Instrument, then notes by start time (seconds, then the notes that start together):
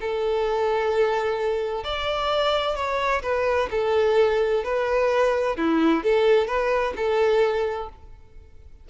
violin
0.00 A4
1.84 D5
2.75 C#5
3.22 B4
3.71 A4
4.64 B4
5.56 E4
6.03 A4
6.47 B4
6.96 A4